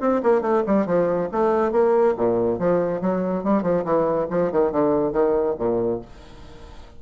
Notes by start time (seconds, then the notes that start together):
0.00 C4
0.23 A#3
0.41 A3
0.66 G3
0.86 F3
1.32 A3
1.71 A#3
2.17 A#2
2.59 F3
3.01 F#3
3.43 G3
3.63 F3
3.84 E3
4.30 F3
4.51 D#3
4.72 D3
5.13 D#3
5.58 A#2